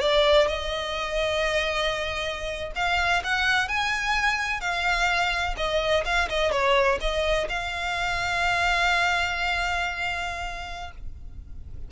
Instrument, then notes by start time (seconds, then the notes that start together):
violin
0.00 D5
0.47 D#5
2.75 F5
3.24 F#5
3.68 G#5
4.60 F5
5.57 D#5
6.05 F5
6.29 D#5
6.52 C#5
7.01 D#5
7.49 F5